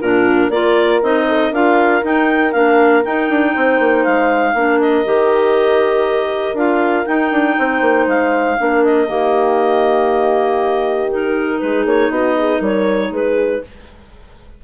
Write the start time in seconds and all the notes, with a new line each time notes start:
0.00 A#2 D4 F4 A#4
0.49 A#3 F4 A#4 D5
1.02 C4 D#4 D#5
1.28 A4
1.51 D4 F4 A#4 F5
2.02 D#4 G5
2.52 A#3 D4 F5
3.04 D#4 G5
3.29 D4
3.54 C4 C5
3.79 A#3
4.04 G#3 F5
4.54 A#3 D4 A#4
4.80 D#5
5.05 D#3 G4
6.53 D4 F4 F5
7.05 D#4 G5
7.31 D4
7.59 C4 C5
7.81 A#3
8.07 G#3 F5
8.58 A#3 D4 A#4
8.84 D#5
9.07 D#3 A#3 G4
11.09 D#4 A#4
11.59 G#3 G#4 B4
11.85 A#3 C#5
12.10 B3 F#4 D#5
12.37 G#4
12.59 G3 A#4 C#5
13.10 G#3 G#4 B4